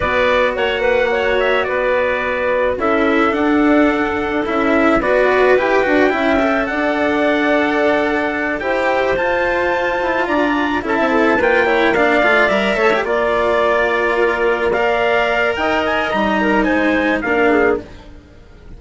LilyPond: <<
  \new Staff \with { instrumentName = "trumpet" } { \time 4/4 \tempo 4 = 108 d''4 fis''4. e''8 d''4~ | d''4 e''4 fis''2 | e''4 d''4 g''2 | fis''2.~ fis''8 g''8~ |
g''8 a''2 ais''4 a''8~ | a''8 g''4 f''4 e''4 d''8~ | d''2~ d''8 f''4. | g''8 gis''8 ais''4 gis''4 f''4 | }
  \new Staff \with { instrumentName = "clarinet" } { \time 4/4 b'4 cis''8 b'8 cis''4 b'4~ | b'4 a'2.~ | a'4 b'2 e''4 | d''2.~ d''8 c''8~ |
c''2~ c''8 d''4 a'16 e''16 | a'8 b'8 cis''8 d''4. cis''8 d''8~ | d''4. ais'4 d''4. | dis''4. ais'8 c''4 ais'8 gis'8 | }
  \new Staff \with { instrumentName = "cello" } { \time 4/4 fis'1~ | fis'4 e'4 d'2 | e'4 fis'4 g'8 fis'8 e'8 a'8~ | a'2.~ a'8 g'8~ |
g'8 f'2. e'8~ | e'8 f'8 e'8 d'8 f'8 ais'8 a'16 g'16 f'8~ | f'2~ f'8 ais'4.~ | ais'4 dis'2 d'4 | }
  \new Staff \with { instrumentName = "bassoon" } { \time 4/4 b4 ais2 b4~ | b4 cis'4 d'2 | cis'4 b4 e'8 d'8 cis'4 | d'2.~ d'8 e'8~ |
e'8 f'4. e'8 d'4 cis'16 c'16~ | c'8 ais4. a8 g8 a8 ais8~ | ais1 | dis'4 g4 gis4 ais4 | }
>>